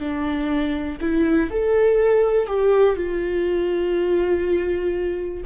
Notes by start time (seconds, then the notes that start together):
0.00 D4
1.01 E4
1.51 A4
2.47 G4
2.97 F4